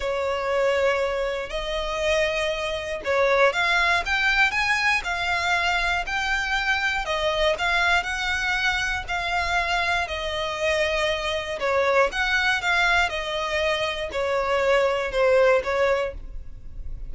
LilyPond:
\new Staff \with { instrumentName = "violin" } { \time 4/4 \tempo 4 = 119 cis''2. dis''4~ | dis''2 cis''4 f''4 | g''4 gis''4 f''2 | g''2 dis''4 f''4 |
fis''2 f''2 | dis''2. cis''4 | fis''4 f''4 dis''2 | cis''2 c''4 cis''4 | }